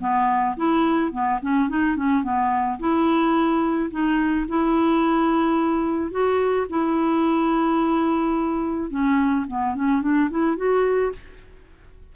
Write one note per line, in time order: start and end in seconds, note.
0.00 0.56 B3
0.56 1.12 E4
1.12 1.39 B3
1.42 1.69 C#4
1.69 1.96 D#4
1.96 2.23 C#4
2.23 2.79 B3
2.79 3.90 E4
3.91 4.46 D#4
4.48 6.11 E4
6.11 6.66 F#4
6.69 8.90 E4
8.90 9.46 C#4
9.47 9.75 B3
9.75 10.02 C#4
10.02 10.29 D4
10.30 10.56 E4
10.56 11.12 F#4